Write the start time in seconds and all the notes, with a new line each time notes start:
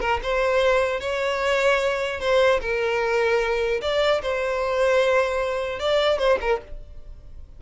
0.00 A#4
0.23 C5
1.00 C#5
2.20 C5
2.61 A#4
3.81 D5
4.22 C5
5.79 D5
6.18 C5
6.41 A#4